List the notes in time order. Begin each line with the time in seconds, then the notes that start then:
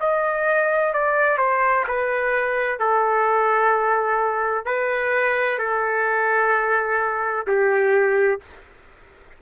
0.00 D#5
0.93 D5
1.38 C5
1.87 B4
2.79 A4
4.65 B4
5.58 A4
7.47 G4